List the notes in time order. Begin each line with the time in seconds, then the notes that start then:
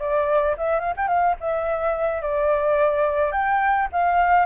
0.00 D5
0.58 E5
0.80 F5
0.97 G5
1.08 F5
1.41 E5
2.22 D5
3.32 G5
3.93 F5